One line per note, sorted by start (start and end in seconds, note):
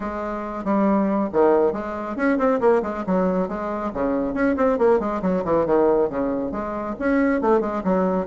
0.00 0.64 G#3
0.64 1.29 G3
1.32 1.73 D#3
1.73 2.16 G#3
2.16 2.38 C#4
2.38 2.60 C4
2.60 2.82 A#3
2.82 3.04 G#3
3.06 3.48 F#3
3.48 3.91 G#3
3.93 4.34 C#3
4.34 4.55 C#4
4.56 4.78 C4
4.78 4.99 A#3
4.99 5.21 G#3
5.22 5.43 F#3
5.44 5.66 E3
5.66 6.09 D#3
6.09 6.51 C#3
6.51 6.95 G#3
6.99 7.41 C#4
7.41 7.60 A3
7.60 7.82 G#3
7.84 8.26 F#3